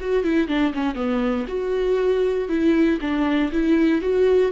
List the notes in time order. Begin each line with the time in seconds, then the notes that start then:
0.00 F#4
0.24 E4
0.48 D4
0.73 C#4
0.95 B3
1.48 F#4
2.48 E4
3.01 D4
3.52 E4
4.01 F#4